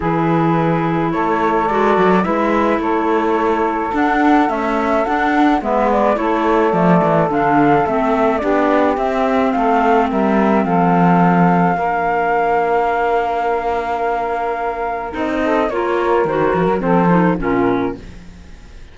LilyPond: <<
  \new Staff \with { instrumentName = "flute" } { \time 4/4 \tempo 4 = 107 b'2 cis''4 d''4 | e''4 cis''2 fis''4 | e''4 fis''4 e''8 d''8 cis''4 | d''4 f''4 e''4 d''4 |
e''4 f''4 e''4 f''4~ | f''1~ | f''2. dis''4 | cis''4 c''8 ais'8 c''4 ais'4 | }
  \new Staff \with { instrumentName = "saxophone" } { \time 4/4 gis'2 a'2 | b'4 a'2.~ | a'2 b'4 a'4~ | a'2. g'4~ |
g'4 a'4 ais'4 a'4~ | a'4 ais'2.~ | ais'2.~ ais'8 a'8 | ais'2 a'4 f'4 | }
  \new Staff \with { instrumentName = "clarinet" } { \time 4/4 e'2. fis'4 | e'2. d'4 | a4 d'4 b4 e'4 | a4 d'4 c'4 d'4 |
c'1~ | c'4 d'2.~ | d'2. dis'4 | f'4 fis'4 c'8 dis'8 cis'4 | }
  \new Staff \with { instrumentName = "cello" } { \time 4/4 e2 a4 gis8 fis8 | gis4 a2 d'4 | cis'4 d'4 gis4 a4 | f8 e8 d4 a4 b4 |
c'4 a4 g4 f4~ | f4 ais2.~ | ais2. c'4 | ais4 dis8 f16 fis16 f4 ais,4 | }
>>